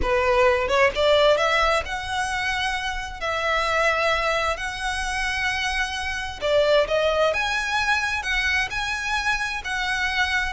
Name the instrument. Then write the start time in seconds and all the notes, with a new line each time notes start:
violin
0.02 B4
0.68 C#5
0.95 D5
1.37 E5
1.85 F#5
3.20 E5
4.56 F#5
6.41 D5
6.87 D#5
7.33 G#5
8.23 F#5
8.70 G#5
9.64 F#5